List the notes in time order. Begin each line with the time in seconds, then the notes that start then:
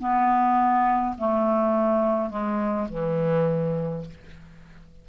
0.00 B3
1.19 A3
2.31 G#3
2.90 E3